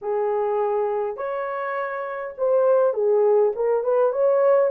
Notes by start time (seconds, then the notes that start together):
0.01 G#4
1.16 C#5
2.37 C5
2.93 G#4
3.55 A#4
3.83 B4
4.12 C#5